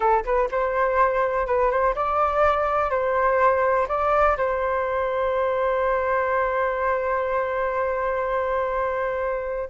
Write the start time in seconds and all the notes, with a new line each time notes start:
0.00 A4
0.24 B4
0.51 C5
1.46 B4
1.70 C5
1.95 D5
2.90 C5
3.88 D5
4.37 C5